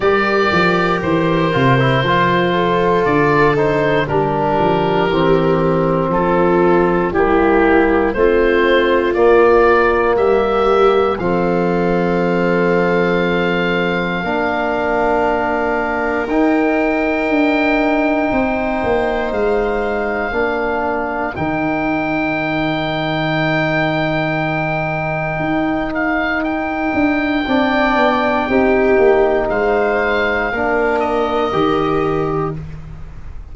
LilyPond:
<<
  \new Staff \with { instrumentName = "oboe" } { \time 4/4 \tempo 4 = 59 d''4 c''2 d''8 c''8 | ais'2 a'4 g'4 | c''4 d''4 e''4 f''4~ | f''1 |
g''2. f''4~ | f''4 g''2.~ | g''4. f''8 g''2~ | g''4 f''4. dis''4. | }
  \new Staff \with { instrumentName = "viola" } { \time 4/4 ais'2~ ais'8 a'4. | g'2 f'4 e'4 | f'2 g'4 a'4~ | a'2 ais'2~ |
ais'2 c''2 | ais'1~ | ais'2. d''4 | g'4 c''4 ais'2 | }
  \new Staff \with { instrumentName = "trombone" } { \time 4/4 g'4. f'16 e'16 f'4. dis'8 | d'4 c'2 ais4 | c'4 ais2 c'4~ | c'2 d'2 |
dis'1 | d'4 dis'2.~ | dis'2. d'4 | dis'2 d'4 g'4 | }
  \new Staff \with { instrumentName = "tuba" } { \time 4/4 g8 f8 e8 c8 f4 d4 | g8 f8 e4 f4 g4 | a4 ais4 g4 f4~ | f2 ais2 |
dis'4 d'4 c'8 ais8 gis4 | ais4 dis2.~ | dis4 dis'4. d'8 c'8 b8 | c'8 ais8 gis4 ais4 dis4 | }
>>